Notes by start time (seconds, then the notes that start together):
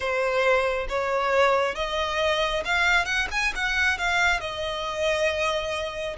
0.00 C5
0.88 C#5
1.75 D#5
2.65 F5
3.05 F#5
3.31 G#5
3.55 F#5
3.97 F5
4.40 D#5